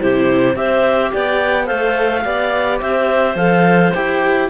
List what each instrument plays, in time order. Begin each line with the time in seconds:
0.00 cello C3, viola E4, clarinet G4 C5
0.54 cello C4, viola G4, clarinet C5 E5
1.13 cello B3, clarinet D5 G5
1.65 cello A3, viola A4, clarinet C5 F5
2.24 cello B3, viola G4, clarinet D5
2.80 cello C4, clarinet C5 E5
3.35 cello F3, viola A4, clarinet F5
3.93 cello E4, viola G4, clarinet G5